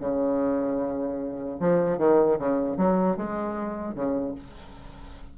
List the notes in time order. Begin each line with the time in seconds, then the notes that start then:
0.00 C#3
1.60 F3
1.98 D#3
2.39 C#3
2.77 F#3
3.16 G#3
3.95 C#3